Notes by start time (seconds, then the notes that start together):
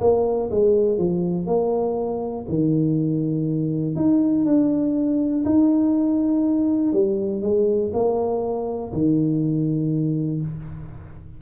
0.00 A#3
0.50 G#3
0.98 F3
1.46 A#3
2.48 D#3
3.95 D#4
4.45 D4
5.45 D#4
6.92 G3
7.42 G#3
7.93 A#3
8.92 D#3